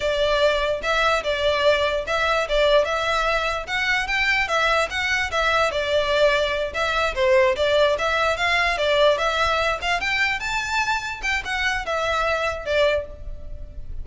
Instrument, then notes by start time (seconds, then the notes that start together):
violin
0.00 D5
0.82 E5
1.23 D5
2.06 E5
2.48 D5
2.84 E5
3.66 F#5
4.07 G5
4.47 E5
4.89 F#5
5.31 E5
5.71 D5
6.73 E5
7.14 C5
7.55 D5
7.98 E5
8.36 F5
8.77 D5
9.17 E5
9.81 F5
10.00 G5
10.39 A5
11.22 G5
11.44 F#5
11.85 E5
12.65 D5